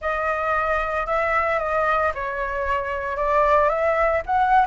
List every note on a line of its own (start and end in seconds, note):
0.01 1.06 D#5
1.06 1.59 E5
1.59 2.12 D#5
2.14 3.17 C#5
3.17 3.69 D5
3.69 4.22 E5
4.26 4.66 F#5